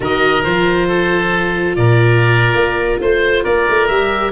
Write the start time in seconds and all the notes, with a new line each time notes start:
0.00 D#3 F#4 A#4 D#5
0.43 F3 F4 C5
0.87 A4
1.75 A#2 A#4 D5
2.54 A#3
2.99 A3 C5
3.43 A#3 A#4 D5
3.69 A3
3.87 G3 G4 E5